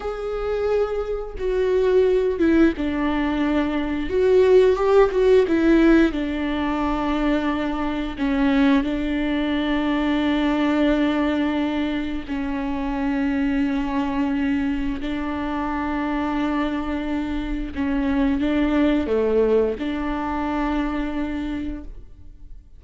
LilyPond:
\new Staff \with { instrumentName = "viola" } { \time 4/4 \tempo 4 = 88 gis'2 fis'4. e'8 | d'2 fis'4 g'8 fis'8 | e'4 d'2. | cis'4 d'2.~ |
d'2 cis'2~ | cis'2 d'2~ | d'2 cis'4 d'4 | a4 d'2. | }